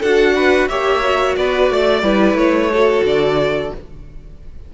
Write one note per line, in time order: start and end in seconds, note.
0.00 0.69 D4
0.00 0.70 F#4
0.00 0.34 A4
0.00 0.68 F#5
0.35 0.69 B4
0.68 1.36 A#3
0.68 1.03 G4
0.68 1.37 C#5
0.68 1.36 E5
1.03 2.04 F#4
1.37 1.70 B3
1.37 1.73 B4
1.37 2.37 D5
1.70 2.03 A3
1.70 2.04 D5
2.03 2.34 G3
2.03 2.71 E4
2.03 2.72 B4
2.34 3.01 A3
2.34 3.04 C#5
2.72 3.75 F#4
2.72 3.74 A4
3.04 3.72 D3
3.04 3.74 D5